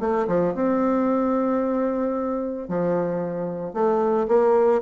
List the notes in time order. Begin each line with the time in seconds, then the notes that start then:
0.00 A3
0.28 F3
0.55 C4
2.68 F3
3.74 A3
4.28 A#3